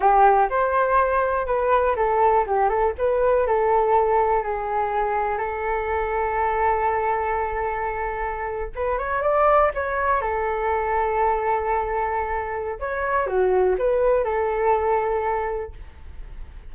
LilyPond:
\new Staff \with { instrumentName = "flute" } { \time 4/4 \tempo 4 = 122 g'4 c''2 b'4 | a'4 g'8 a'8 b'4 a'4~ | a'4 gis'2 a'4~ | a'1~ |
a'4.~ a'16 b'8 cis''8 d''4 cis''16~ | cis''8. a'2.~ a'16~ | a'2 cis''4 fis'4 | b'4 a'2. | }